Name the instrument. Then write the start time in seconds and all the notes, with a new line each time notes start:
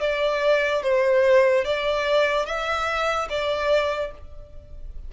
violin
0.00 D5
0.82 C5
1.64 D5
2.46 E5
3.29 D5